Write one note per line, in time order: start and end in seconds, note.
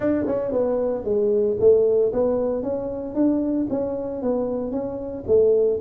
0.00 0.25 D4
0.26 0.52 C#4
0.52 1.04 B3
1.04 1.57 G#3
1.59 2.12 A3
2.12 2.62 B3
2.62 3.14 C#4
3.14 3.67 D4
3.70 4.22 C#4
4.22 4.71 B3
4.71 5.24 C#4
5.27 5.79 A3